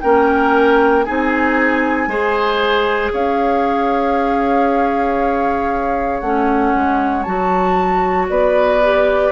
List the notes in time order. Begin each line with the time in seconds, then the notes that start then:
0.00 A#3 C#4 A#4 G5
1.03 C4 D#4 G#4 G#5
2.07 G#3 G#4 C5
3.12 C#4 C#5 F5
6.20 A3 C#4 F#5
6.74 G#3
7.22 F#3 F#4 A5
8.29 B3 B4 D5
8.83 G4